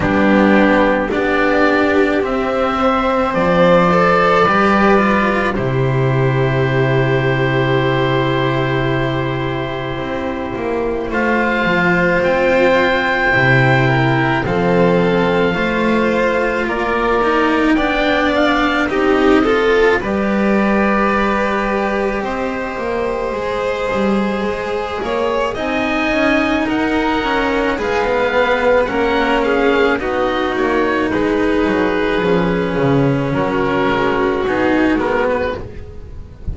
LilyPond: <<
  \new Staff \with { instrumentName = "oboe" } { \time 4/4 \tempo 4 = 54 g'4 d''4 e''4 d''4~ | d''4 c''2.~ | c''2 f''4 g''4~ | g''4 f''2 d''4 |
g''8 f''8 dis''4 d''2 | dis''2. gis''4 | fis''4 f''4 fis''8 f''8 dis''8 cis''8 | b'2 ais'4 gis'8 ais'16 b'16 | }
  \new Staff \with { instrumentName = "violin" } { \time 4/4 d'4 g'4. c''4. | b'4 g'2.~ | g'2 c''2~ | c''8 ais'8 a'4 c''4 ais'4 |
d''4 g'8 a'8 b'2 | c''2~ c''8 cis''8 dis''4 | ais'4 b'4 ais'8 gis'8 fis'4 | gis'2 fis'2 | }
  \new Staff \with { instrumentName = "cello" } { \time 4/4 b4 d'4 c'4. a'8 | g'8 f'8 e'2.~ | e'2 f'2 | e'4 c'4 f'4. dis'8 |
d'4 dis'8 f'8 g'2~ | g'4 gis'2 dis'4~ | dis'8 cis'8 gis'16 b8. cis'4 dis'4~ | dis'4 cis'2 dis'8 b8 | }
  \new Staff \with { instrumentName = "double bass" } { \time 4/4 g4 b4 c'4 f4 | g4 c2.~ | c4 c'8 ais8 a8 f8 c'4 | c4 f4 a4 ais4 |
b4 c'4 g2 | c'8 ais8 gis8 g8 gis8 ais8 c'8 cis'8 | dis'4 gis4 ais4 b8 ais8 | gis8 fis8 f8 cis8 fis8 gis8 b8 gis8 | }
>>